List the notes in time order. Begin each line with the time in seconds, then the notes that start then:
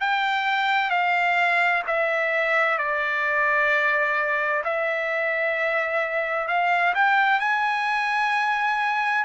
0.00 G5
0.90 F5
1.87 E5
2.78 D5
4.64 E5
6.47 F5
6.94 G5
7.40 G#5